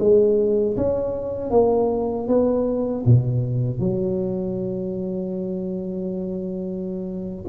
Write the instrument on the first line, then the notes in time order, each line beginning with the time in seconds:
tuba
0.00 G#3
0.77 C#4
1.51 A#3
2.28 B3
3.06 B2
3.80 F#3